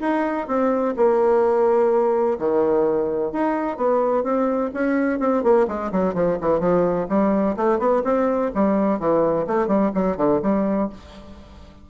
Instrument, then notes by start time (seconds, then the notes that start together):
bassoon
0.00 D#4
0.47 C4
0.96 A#3
2.38 D#3
3.32 D#4
3.77 B3
4.23 C4
4.74 C#4
5.19 C4
5.43 A#3
5.68 G#3
5.91 F#3
6.14 F3
6.41 E3
6.59 F3
7.09 G3
7.56 A3
7.79 B3
8.04 C4
8.54 G3
8.99 E3
9.47 A3
9.67 G3
9.94 F#3
10.16 D3
10.42 G3